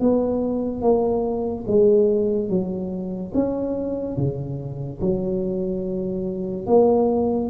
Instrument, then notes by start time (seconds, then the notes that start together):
tuba
0.00 B3
0.81 A#3
1.67 G#3
2.49 F#3
3.34 C#4
4.16 C#3
5.01 F#3
6.66 A#3